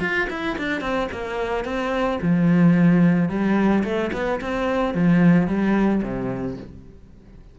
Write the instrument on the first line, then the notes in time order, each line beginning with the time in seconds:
cello
0.00 F4
0.30 E4
0.58 D4
0.81 C4
1.11 A#3
1.64 C4
2.21 F3
3.29 G3
3.84 A3
4.13 B3
4.41 C4
4.94 F3
5.47 G3
6.02 C3